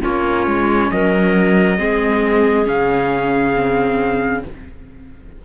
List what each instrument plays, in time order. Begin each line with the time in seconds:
0.00 cello A#3, viola C#4, clarinet F4, trumpet C#5
0.46 cello G#3
0.91 cello F#3, clarinet A#4, trumpet D#5
1.77 cello G#3, viola C4, clarinet G#4
2.65 cello C#3, viola C#4, trumpet F5
3.55 viola C4